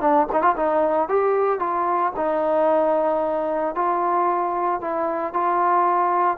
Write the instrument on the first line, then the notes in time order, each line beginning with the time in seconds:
trombone
0.00 D4
0.32 D#4
0.42 F4
0.56 D#4
1.08 G4
1.59 F4
2.16 D#4
3.75 F4
4.81 E4
5.33 F4